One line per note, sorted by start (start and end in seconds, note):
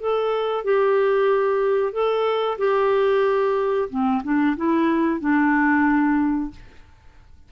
0.00 0.64 A4
0.64 1.92 G4
1.92 2.58 A4
2.58 3.89 G4
3.90 4.22 C4
4.24 4.56 D4
4.57 5.20 E4
5.20 6.51 D4